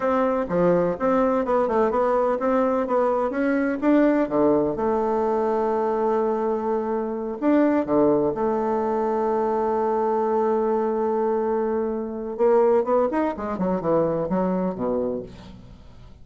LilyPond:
\new Staff \with { instrumentName = "bassoon" } { \time 4/4 \tempo 4 = 126 c'4 f4 c'4 b8 a8 | b4 c'4 b4 cis'4 | d'4 d4 a2~ | a2.~ a8 d'8~ |
d'8 d4 a2~ a8~ | a1~ | a2 ais4 b8 dis'8 | gis8 fis8 e4 fis4 b,4 | }